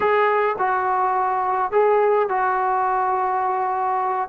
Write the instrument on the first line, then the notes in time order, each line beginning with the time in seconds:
trombone
0.00 G#4
0.58 F#4
1.71 G#4
2.29 F#4